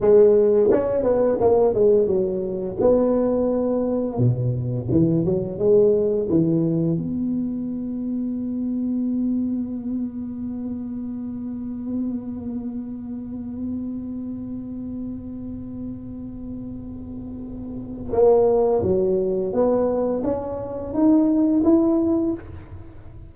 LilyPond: \new Staff \with { instrumentName = "tuba" } { \time 4/4 \tempo 4 = 86 gis4 cis'8 b8 ais8 gis8 fis4 | b2 b,4 e8 fis8 | gis4 e4 b2~ | b1~ |
b1~ | b1~ | b2 ais4 fis4 | b4 cis'4 dis'4 e'4 | }